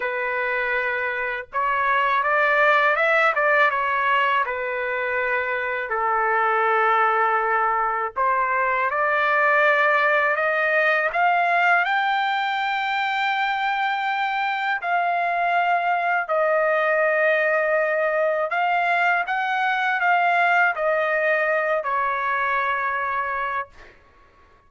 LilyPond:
\new Staff \with { instrumentName = "trumpet" } { \time 4/4 \tempo 4 = 81 b'2 cis''4 d''4 | e''8 d''8 cis''4 b'2 | a'2. c''4 | d''2 dis''4 f''4 |
g''1 | f''2 dis''2~ | dis''4 f''4 fis''4 f''4 | dis''4. cis''2~ cis''8 | }